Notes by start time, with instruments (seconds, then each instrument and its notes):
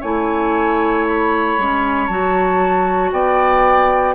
0.00 bassoon A3, clarinet E4, oboe C#5, flute G#5
1.07 flute B5
1.58 bassoon G#3, clarinet C#4
2.07 bassoon F#3, clarinet F#4, flute A5
3.11 bassoon B3, oboe D5, flute G5